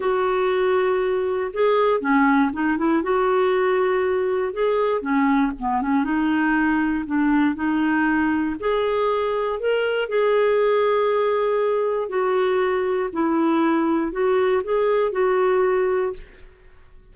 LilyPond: \new Staff \with { instrumentName = "clarinet" } { \time 4/4 \tempo 4 = 119 fis'2. gis'4 | cis'4 dis'8 e'8 fis'2~ | fis'4 gis'4 cis'4 b8 cis'8 | dis'2 d'4 dis'4~ |
dis'4 gis'2 ais'4 | gis'1 | fis'2 e'2 | fis'4 gis'4 fis'2 | }